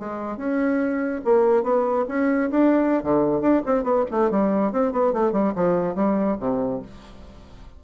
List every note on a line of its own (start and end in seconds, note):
0.00 0.38 G#3
0.38 1.21 C#4
1.25 1.63 A#3
1.63 2.05 B3
2.09 2.51 C#4
2.51 3.03 D4
3.03 3.41 D3
3.41 3.62 D4
3.66 3.84 C4
3.84 4.05 B3
4.12 4.31 A3
4.31 4.73 G3
4.73 4.93 C4
4.93 5.13 B3
5.13 5.33 A3
5.33 5.54 G3
5.56 5.95 F3
5.95 6.37 G3
6.40 6.82 C3